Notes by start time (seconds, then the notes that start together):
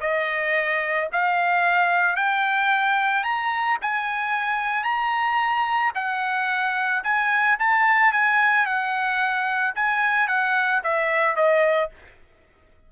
0.00 D#5
1.12 F5
2.15 G5
3.23 A#5
3.81 G#5
4.83 A#5
5.95 F#5
7.03 G#5
7.59 A5
8.12 G#5
8.65 F#5
9.75 G#5
10.27 F#5
10.83 E5
11.36 D#5